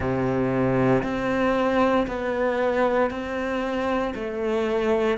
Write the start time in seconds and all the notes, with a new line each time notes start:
0.00 C3
1.03 C4
2.07 B3
3.10 C4
4.14 A3